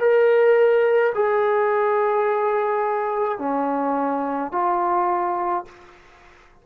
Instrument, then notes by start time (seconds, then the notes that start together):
trombone
0.00 A#4
1.15 G#4
3.39 C#4
4.52 F4